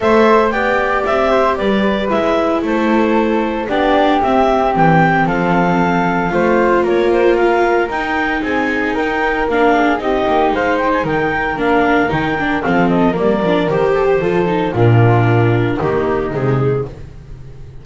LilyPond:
<<
  \new Staff \with { instrumentName = "clarinet" } { \time 4/4 \tempo 4 = 114 e''4 g''4 e''4 d''4 | e''4 c''2 d''4 | e''4 g''4 f''2~ | f''4 cis''8 c''8 f''4 g''4 |
gis''4 g''4 f''4 dis''4 | f''8 g''16 gis''16 g''4 f''4 g''4 | f''8 dis''8 d''4 c''2 | ais'2 g'4 gis'4 | }
  \new Staff \with { instrumentName = "flute" } { \time 4/4 c''4 d''4. c''8 b'4~ | b'4 a'2 g'4~ | g'2 a'2 | c''4 ais'2. |
gis'4 ais'4. gis'8 g'4 | c''4 ais'2. | a'4 ais'4. a'16 g'16 a'4 | f'2 dis'2 | }
  \new Staff \with { instrumentName = "viola" } { \time 4/4 a'4 g'2. | e'2. d'4 | c'1 | f'2. dis'4~ |
dis'2 d'4 dis'4~ | dis'2 d'4 dis'8 d'8 | c'4 ais8 d'8 g'4 f'8 dis'8 | d'2 ais4 gis4 | }
  \new Staff \with { instrumentName = "double bass" } { \time 4/4 a4 b4 c'4 g4 | gis4 a2 b4 | c'4 e4 f2 | a4 ais2 dis'4 |
c'4 dis'4 ais4 c'8 ais8 | gis4 dis4 ais4 dis4 | f4 g8 f8 dis4 f4 | ais,2 dis4 c4 | }
>>